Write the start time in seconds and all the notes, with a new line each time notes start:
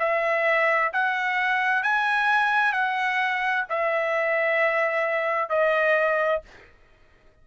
0.00 E5
0.94 F#5
1.83 G#5
2.73 F#5
3.70 E5
5.50 D#5